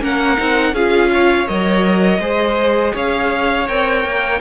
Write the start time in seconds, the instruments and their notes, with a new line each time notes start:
0.00 cello A#3, viola C#4, violin A#4 F#5
0.37 cello C4, viola D#4
0.72 cello C#4, viola F4, violin G#4 F5
1.12 violin C#5
1.47 cello F#3, viola A#4, violin D#5
2.19 cello G#3, viola G#4, violin C5
2.93 cello C#4, violin C#5 F5
3.67 cello C4, viola A#4, violin G5
4.04 cello A#3